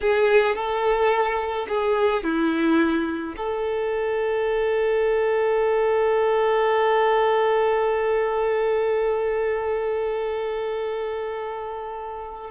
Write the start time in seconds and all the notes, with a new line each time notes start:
0.00 G#4
0.55 A4
1.68 G#4
2.23 E4
3.36 A4